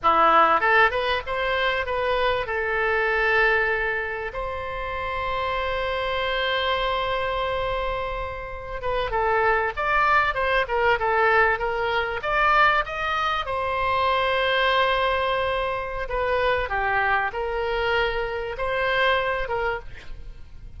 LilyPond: \new Staff \with { instrumentName = "oboe" } { \time 4/4 \tempo 4 = 97 e'4 a'8 b'8 c''4 b'4 | a'2. c''4~ | c''1~ | c''2~ c''16 b'8 a'4 d''16~ |
d''8. c''8 ais'8 a'4 ais'4 d''16~ | d''8. dis''4 c''2~ c''16~ | c''2 b'4 g'4 | ais'2 c''4. ais'8 | }